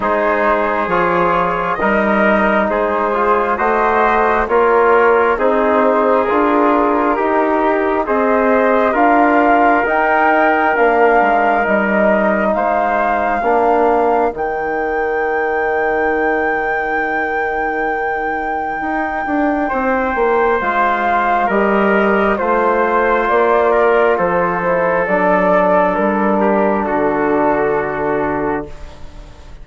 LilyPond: <<
  \new Staff \with { instrumentName = "flute" } { \time 4/4 \tempo 4 = 67 c''4 cis''4 dis''4 c''4 | dis''4 cis''4 c''4 ais'4~ | ais'4 dis''4 f''4 g''4 | f''4 dis''4 f''2 |
g''1~ | g''2. f''4 | dis''4 c''4 d''4 c''4 | d''4 ais'4 a'2 | }
  \new Staff \with { instrumentName = "trumpet" } { \time 4/4 gis'2 ais'4 gis'4 | c''4 ais'4 gis'2 | g'4 c''4 ais'2~ | ais'2 c''4 ais'4~ |
ais'1~ | ais'2 c''2 | ais'4 c''4. ais'8 a'4~ | a'4. g'8 fis'2 | }
  \new Staff \with { instrumentName = "trombone" } { \time 4/4 dis'4 f'4 dis'4. f'8 | fis'4 f'4 dis'4 f'4 | dis'4 gis'4 f'4 dis'4 | d'4 dis'2 d'4 |
dis'1~ | dis'2. f'4 | g'4 f'2~ f'8 e'8 | d'1 | }
  \new Staff \with { instrumentName = "bassoon" } { \time 4/4 gis4 f4 g4 gis4 | a4 ais4 c'4 d'4 | dis'4 c'4 d'4 dis'4 | ais8 gis8 g4 gis4 ais4 |
dis1~ | dis4 dis'8 d'8 c'8 ais8 gis4 | g4 a4 ais4 f4 | fis4 g4 d2 | }
>>